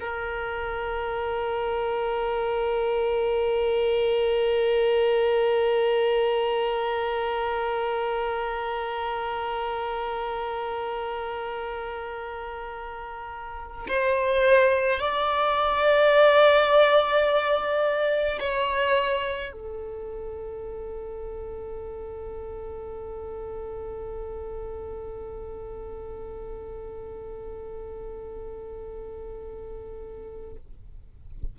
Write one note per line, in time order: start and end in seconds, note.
0.00 13.87 A#4
13.88 14.99 C5
14.99 18.39 D5
18.40 19.52 C#5
19.52 30.56 A4